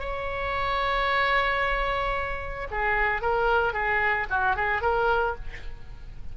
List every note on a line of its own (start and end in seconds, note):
0.00 2.68 C#5
2.71 3.22 G#4
3.22 3.74 A#4
3.74 4.27 G#4
4.30 4.56 F#4
4.56 4.82 G#4
4.82 5.36 A#4